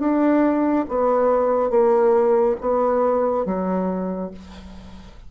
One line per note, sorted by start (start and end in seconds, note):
0.00 0.86 D4
0.89 1.71 B3
1.71 2.56 A#3
2.61 3.46 B3
3.46 4.31 F#3